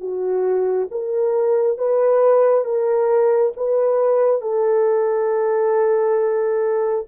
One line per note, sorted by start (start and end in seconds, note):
0.00 0.88 F#4
0.91 1.78 A#4
1.78 2.64 B4
2.64 3.53 A#4
3.57 4.41 B4
4.41 7.06 A4